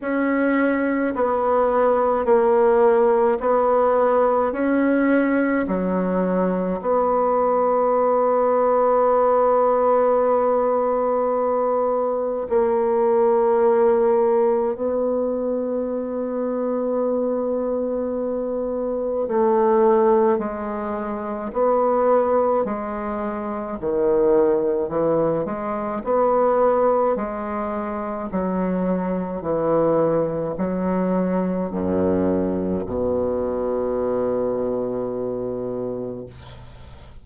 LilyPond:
\new Staff \with { instrumentName = "bassoon" } { \time 4/4 \tempo 4 = 53 cis'4 b4 ais4 b4 | cis'4 fis4 b2~ | b2. ais4~ | ais4 b2.~ |
b4 a4 gis4 b4 | gis4 dis4 e8 gis8 b4 | gis4 fis4 e4 fis4 | fis,4 b,2. | }